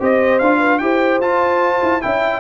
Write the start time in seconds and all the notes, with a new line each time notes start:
0.00 C4 G4 C5 D#5
0.39 D4 F4 F5
0.59 B4
0.79 E4 G4 C5 G5
1.20 F4 A5
1.82 E4
2.01 C#4 E4 E5 G5